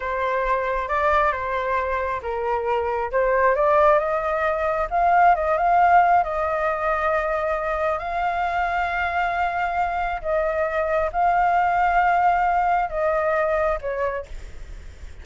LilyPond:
\new Staff \with { instrumentName = "flute" } { \time 4/4 \tempo 4 = 135 c''2 d''4 c''4~ | c''4 ais'2 c''4 | d''4 dis''2 f''4 | dis''8 f''4. dis''2~ |
dis''2 f''2~ | f''2. dis''4~ | dis''4 f''2.~ | f''4 dis''2 cis''4 | }